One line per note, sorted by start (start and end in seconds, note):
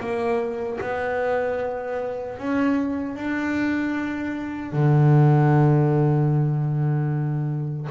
0.00 0.79 A#3
0.81 2.38 B3
2.38 3.16 C#4
3.16 4.73 D4
4.73 7.88 D3